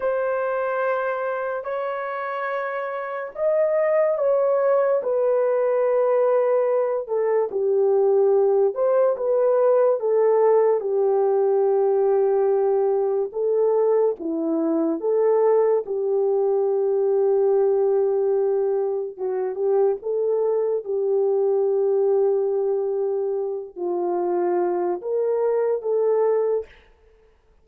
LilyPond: \new Staff \with { instrumentName = "horn" } { \time 4/4 \tempo 4 = 72 c''2 cis''2 | dis''4 cis''4 b'2~ | b'8 a'8 g'4. c''8 b'4 | a'4 g'2. |
a'4 e'4 a'4 g'4~ | g'2. fis'8 g'8 | a'4 g'2.~ | g'8 f'4. ais'4 a'4 | }